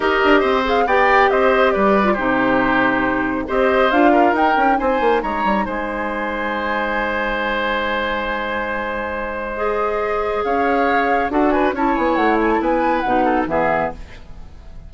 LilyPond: <<
  \new Staff \with { instrumentName = "flute" } { \time 4/4 \tempo 4 = 138 dis''4. f''8 g''4 dis''4 | d''4 c''2. | dis''4 f''4 g''4 gis''4 | ais''4 gis''2.~ |
gis''1~ | gis''2 dis''2 | f''2 fis''8 gis''8 a''8 gis''8 | fis''8 gis''16 a''16 gis''4 fis''4 e''4 | }
  \new Staff \with { instrumentName = "oboe" } { \time 4/4 ais'4 c''4 d''4 c''4 | b'4 g'2. | c''4. ais'4. c''4 | cis''4 c''2.~ |
c''1~ | c''1 | cis''2 a'8 b'8 cis''4~ | cis''4 b'4. a'8 gis'4 | }
  \new Staff \with { instrumentName = "clarinet" } { \time 4/4 g'4. gis'8 g'2~ | g'8. f'16 dis'2. | g'4 f'4 dis'2~ | dis'1~ |
dis'1~ | dis'2 gis'2~ | gis'2 fis'4 e'4~ | e'2 dis'4 b4 | }
  \new Staff \with { instrumentName = "bassoon" } { \time 4/4 dis'8 d'8 c'4 b4 c'4 | g4 c2. | c'4 d'4 dis'8 cis'8 c'8 ais8 | gis8 g8 gis2.~ |
gis1~ | gis1 | cis'2 d'4 cis'8 b8 | a4 b4 b,4 e4 | }
>>